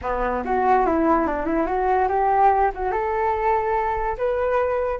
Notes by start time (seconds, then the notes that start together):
0.01 B3
0.45 F#4
0.85 E4
1.26 D4
1.45 E4
1.66 F#4
2.08 G4
2.74 F#4
2.91 A4
4.17 B4